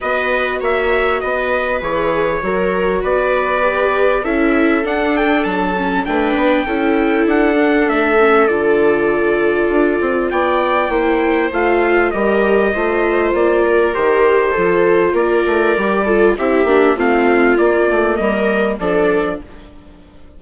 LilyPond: <<
  \new Staff \with { instrumentName = "trumpet" } { \time 4/4 \tempo 4 = 99 dis''4 e''4 dis''4 cis''4~ | cis''4 d''2 e''4 | fis''8 g''8 a''4 g''2 | fis''4 e''4 d''2~ |
d''4 g''2 f''4 | dis''2 d''4 c''4~ | c''4 d''2 e''4 | f''4 d''4 dis''4 d''4 | }
  \new Staff \with { instrumentName = "viola" } { \time 4/4 b'4 cis''4 b'2 | ais'4 b'2 a'4~ | a'2 b'4 a'4~ | a'1~ |
a'4 d''4 c''2 | ais'4 c''4. ais'4. | a'4 ais'4. a'8 g'4 | f'2 ais'4 a'4 | }
  \new Staff \with { instrumentName = "viola" } { \time 4/4 fis'2. gis'4 | fis'2 g'4 e'4 | d'4. cis'8 d'4 e'4~ | e'8 d'4 cis'8 f'2~ |
f'2 e'4 f'4 | g'4 f'2 g'4 | f'2 g'8 f'8 e'8 d'8 | c'4 ais2 d'4 | }
  \new Staff \with { instrumentName = "bassoon" } { \time 4/4 b4 ais4 b4 e4 | fis4 b2 cis'4 | d'4 fis4 a8 b8 cis'4 | d'4 a4 d2 |
d'8 c'8 b4 ais4 a4 | g4 a4 ais4 dis4 | f4 ais8 a8 g4 c'8 ais8 | a4 ais8 a8 g4 f4 | }
>>